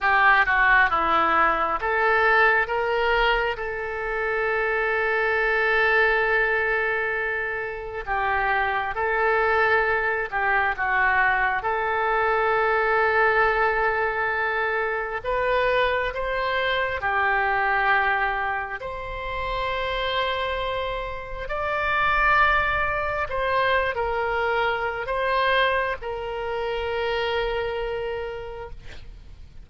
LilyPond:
\new Staff \with { instrumentName = "oboe" } { \time 4/4 \tempo 4 = 67 g'8 fis'8 e'4 a'4 ais'4 | a'1~ | a'4 g'4 a'4. g'8 | fis'4 a'2.~ |
a'4 b'4 c''4 g'4~ | g'4 c''2. | d''2 c''8. ais'4~ ais'16 | c''4 ais'2. | }